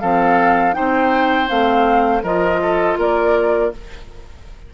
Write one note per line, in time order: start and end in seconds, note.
0.00 0.76 F3
0.00 0.73 C4
0.00 0.75 A4
0.00 0.74 F5
0.73 1.50 C4
0.73 1.47 D#4
0.73 2.23 C5
0.73 1.48 G5
1.47 2.23 A3
1.47 2.21 C4
1.47 2.22 F5
2.23 2.97 F3
2.23 3.72 F4
2.23 2.60 A#4
2.23 2.98 D#5
2.62 2.98 A4
2.98 3.72 A#3
2.98 3.72 A#4
2.98 3.74 D5